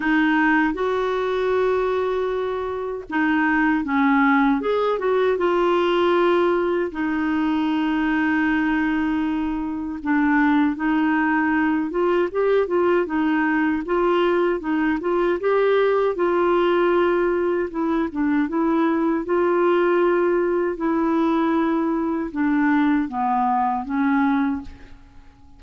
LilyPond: \new Staff \with { instrumentName = "clarinet" } { \time 4/4 \tempo 4 = 78 dis'4 fis'2. | dis'4 cis'4 gis'8 fis'8 f'4~ | f'4 dis'2.~ | dis'4 d'4 dis'4. f'8 |
g'8 f'8 dis'4 f'4 dis'8 f'8 | g'4 f'2 e'8 d'8 | e'4 f'2 e'4~ | e'4 d'4 b4 cis'4 | }